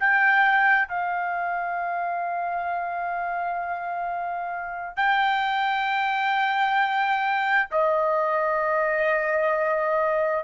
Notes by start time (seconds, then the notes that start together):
0.00 G5
0.88 F5
4.96 G5
7.71 D#5